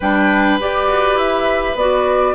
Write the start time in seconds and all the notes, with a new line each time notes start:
0.00 G3 D4 B4 G5
0.59 G4 D5
0.87 F#4
1.14 E4 E5
1.75 B3 F#4 D5